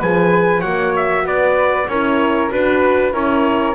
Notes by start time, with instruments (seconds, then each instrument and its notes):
0.00 double bass F3, horn G#4, flute B4, trumpet G#5
0.60 double bass A#3, horn F#4, flute C#5, trumpet F#5
0.96 trumpet E5
1.24 double bass B3, flute B4, trumpet D5
1.88 double bass C#4, horn E4, flute A#4, trumpet C#5
2.51 double bass D4, horn F#4, flute B4, trumpet B4
3.13 double bass C#4, horn E4, flute A#4, trumpet C#5